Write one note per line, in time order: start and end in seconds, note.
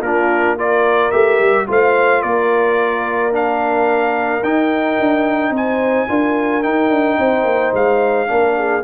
0.00 1.10 A#3
0.00 0.58 D4
0.00 0.56 F4
0.00 0.57 A#4
0.56 1.12 F4
0.56 1.66 A#4
0.56 1.11 D5
1.11 1.40 A3
1.11 1.67 G4
1.11 1.66 E5
1.40 1.67 G3
1.67 2.24 A3
1.67 3.32 F4
1.67 2.22 C5
1.67 2.22 F5
2.22 4.43 A#3
2.22 5.52 A#4
2.22 3.32 D5
3.32 4.42 D4
3.32 4.43 F5
4.43 4.98 D#4
4.43 6.08 D#4
4.43 5.54 G5
4.99 5.50 D4
5.50 6.05 C4
5.50 6.08 C5
5.50 6.62 G#5
6.08 6.64 D4
6.08 6.63 F4
6.08 7.18 A#4
6.62 8.27 D#4
6.62 6.90 D#4
6.62 7.73 G5
6.90 7.17 D4
7.18 7.44 C4
7.18 8.28 C5
7.44 7.71 A#3
7.73 8.28 G#3
7.73 8.83 F5
8.27 8.83 A#3
8.27 8.82 D4
8.27 8.57 A#4
8.57 8.83 G#4